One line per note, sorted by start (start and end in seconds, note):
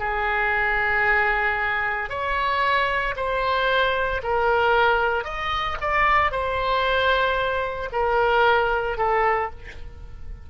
0.00 2.10 G#4
2.10 3.15 C#5
3.17 4.22 C5
4.23 5.25 A#4
5.25 5.78 D#5
5.81 6.32 D5
6.32 7.90 C5
7.93 8.98 A#4
8.98 9.51 A4